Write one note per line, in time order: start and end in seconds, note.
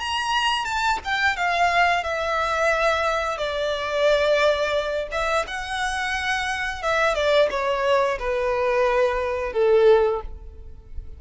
0.00 0.65 A#5
0.65 0.99 A5
1.05 1.36 G5
1.36 2.04 F5
2.04 3.38 E5
3.38 5.08 D5
5.12 5.46 E5
5.47 6.82 F#5
6.82 7.15 E5
7.15 7.49 D5
7.50 8.18 C#5
8.19 9.53 B4
9.53 10.21 A4